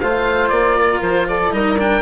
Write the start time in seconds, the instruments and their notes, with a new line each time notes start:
0.00 bassoon A3, cello F4, flute C5, oboe F5
0.49 bassoon A#3, oboe D5
0.76 flute A#4
1.01 bassoon F3, oboe C5
1.28 flute A4, oboe D5
1.51 bassoon G3, cello D#4, flute A#4, oboe D#5
1.78 cello D4, oboe G5